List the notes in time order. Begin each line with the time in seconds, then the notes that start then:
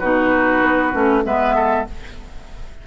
0.00 B2 D#4 F#4 B4
0.62 B3
0.93 A3 C#4
1.25 G#3 B3 B4 E5
1.55 A4